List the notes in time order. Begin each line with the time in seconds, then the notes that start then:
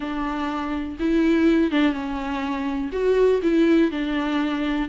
0.00 D4
0.99 E4
1.71 D4
1.92 C#4
2.92 F#4
3.42 E4
3.91 D4